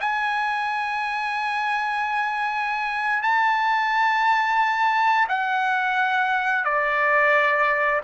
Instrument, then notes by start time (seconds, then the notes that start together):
trumpet
0.00 G#5
3.22 A5
5.28 F#5
6.64 D5